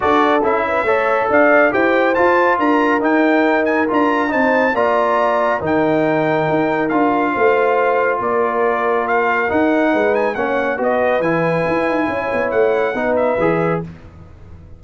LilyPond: <<
  \new Staff \with { instrumentName = "trumpet" } { \time 4/4 \tempo 4 = 139 d''4 e''2 f''4 | g''4 a''4 ais''4 g''4~ | g''8 gis''8 ais''4 a''4 ais''4~ | ais''4 g''2. |
f''2. d''4~ | d''4 f''4 fis''4. gis''8 | fis''4 dis''4 gis''2~ | gis''4 fis''4. e''4. | }
  \new Staff \with { instrumentName = "horn" } { \time 4/4 a'4. b'8 cis''4 d''4 | c''2 ais'2~ | ais'2 c''4 d''4~ | d''4 ais'2.~ |
ais'4 c''2 ais'4~ | ais'2. b'4 | cis''4 b'2. | cis''2 b'2 | }
  \new Staff \with { instrumentName = "trombone" } { \time 4/4 fis'4 e'4 a'2 | g'4 f'2 dis'4~ | dis'4 f'4 dis'4 f'4~ | f'4 dis'2. |
f'1~ | f'2 dis'2 | cis'4 fis'4 e'2~ | e'2 dis'4 gis'4 | }
  \new Staff \with { instrumentName = "tuba" } { \time 4/4 d'4 cis'4 a4 d'4 | e'4 f'4 d'4 dis'4~ | dis'4 d'4 c'4 ais4~ | ais4 dis2 dis'4 |
d'4 a2 ais4~ | ais2 dis'4 gis4 | ais4 b4 e4 e'8 dis'8 | cis'8 b8 a4 b4 e4 | }
>>